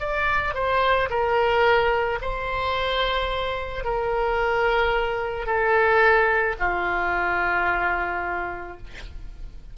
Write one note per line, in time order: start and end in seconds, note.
0.00 0.55 D5
0.55 1.09 C5
1.10 2.19 A#4
2.22 3.84 C5
3.84 5.46 A#4
5.46 6.56 A4
6.60 8.78 F4